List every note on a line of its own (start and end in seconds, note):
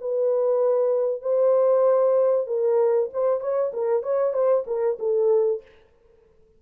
0.00 1.22 B4
1.22 2.47 C5
2.47 3.09 A#4
3.13 3.40 C5
3.40 3.72 C#5
3.73 4.03 A#4
4.03 4.33 C#5
4.33 4.64 C5
4.66 4.98 A#4
4.99 5.62 A4